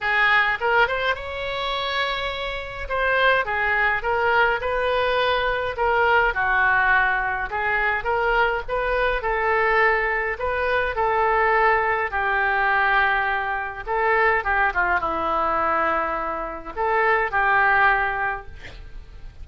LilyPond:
\new Staff \with { instrumentName = "oboe" } { \time 4/4 \tempo 4 = 104 gis'4 ais'8 c''8 cis''2~ | cis''4 c''4 gis'4 ais'4 | b'2 ais'4 fis'4~ | fis'4 gis'4 ais'4 b'4 |
a'2 b'4 a'4~ | a'4 g'2. | a'4 g'8 f'8 e'2~ | e'4 a'4 g'2 | }